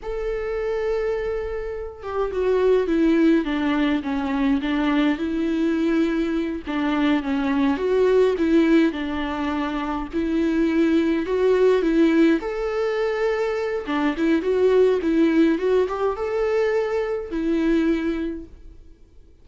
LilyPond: \new Staff \with { instrumentName = "viola" } { \time 4/4 \tempo 4 = 104 a'2.~ a'8 g'8 | fis'4 e'4 d'4 cis'4 | d'4 e'2~ e'8 d'8~ | d'8 cis'4 fis'4 e'4 d'8~ |
d'4. e'2 fis'8~ | fis'8 e'4 a'2~ a'8 | d'8 e'8 fis'4 e'4 fis'8 g'8 | a'2 e'2 | }